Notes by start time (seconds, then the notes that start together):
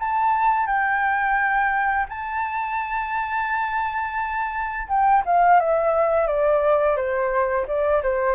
0.00 A5
0.67 G5
2.09 A5
4.88 G5
5.25 F5
5.60 E5
6.27 D5
6.97 C5
7.67 D5
8.03 C5